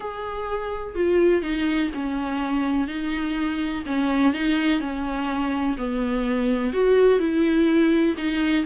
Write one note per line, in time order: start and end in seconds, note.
0.00 0.95 G#4
0.95 1.42 F4
1.42 1.90 D#4
1.94 2.87 C#4
2.87 3.83 D#4
3.86 4.33 C#4
4.33 4.80 D#4
4.80 5.76 C#4
5.77 6.73 B3
6.73 7.19 F#4
7.19 8.15 E4
8.17 8.65 D#4